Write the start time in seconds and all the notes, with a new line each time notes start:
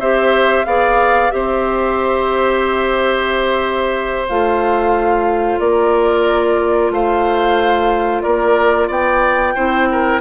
0.00 C4 G4 C5 E5
0.65 B3 G#4 D5 F5
1.31 C4 G4 C5 E5
4.29 A3 F4 F5
5.60 A#3 A#4 D5
6.91 A3 C5 F5
8.23 A#3 A#4 D5
8.88 B3 D5 G5
9.55 C4 E4 C5
9.92 A#4